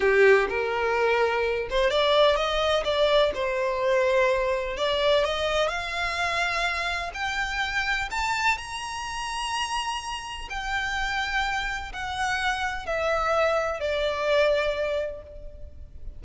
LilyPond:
\new Staff \with { instrumentName = "violin" } { \time 4/4 \tempo 4 = 126 g'4 ais'2~ ais'8 c''8 | d''4 dis''4 d''4 c''4~ | c''2 d''4 dis''4 | f''2. g''4~ |
g''4 a''4 ais''2~ | ais''2 g''2~ | g''4 fis''2 e''4~ | e''4 d''2. | }